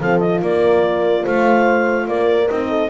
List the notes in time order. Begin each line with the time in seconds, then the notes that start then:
0.00 F3 C4 A4 F5
0.19 F4 D#5
0.42 A#3 A#4 D5
1.22 A3 C5 F5
2.07 A#3 A#4 D5
2.49 C4 D#4 D#5
2.69 A4